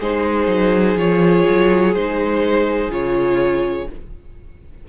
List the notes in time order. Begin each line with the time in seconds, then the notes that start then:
0.00 G#3 D#4 G#4 C5
0.47 F#3
0.95 F3 F4 C#5
1.49 F#3
1.94 G#3 D#4 C5
2.89 C#3 F4 C#5